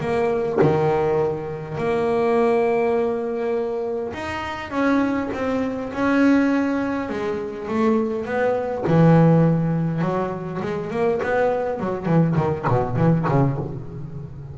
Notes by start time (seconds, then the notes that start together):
0.00 A#3
0.61 D#3
1.78 A#3
4.13 D#4
4.71 C#4
5.33 C4
5.93 C#4
7.09 G#3
7.68 A3
8.25 B3
8.87 E3
10.01 F#3
10.61 G#3
10.91 A#3
11.22 B3
11.79 F#3
12.06 E3
12.36 D#3
12.68 B2
12.96 E3
13.28 C#3